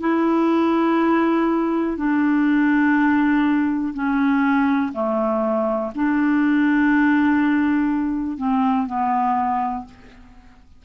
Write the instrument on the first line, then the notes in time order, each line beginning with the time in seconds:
clarinet
0.00 E4
1.96 D4
3.93 C#4
4.93 A3
5.95 D4
8.37 C4
8.86 B3